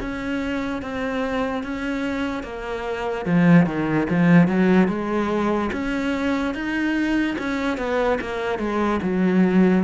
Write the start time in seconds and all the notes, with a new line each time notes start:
0.00 C#4
0.82 C4
1.64 C#4
2.44 A#3
3.26 F3
3.66 D#3
4.10 F3
4.48 F#3
4.88 G#3
5.73 C#4
6.55 D#4
7.39 C#4
7.78 B3
8.21 A#3
8.59 G#3
9.02 F#3